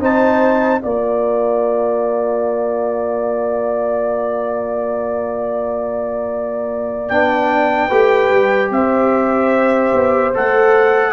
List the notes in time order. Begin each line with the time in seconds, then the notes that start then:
0.00 C4 D#4 C5 A5
0.81 A#3 F4 D5 A#5
7.09 B3 D4 G5
7.88 A3 G4 B4
8.31 G3
8.71 C4 C5 E5
9.94 B3
10.35 A3 A4 F#5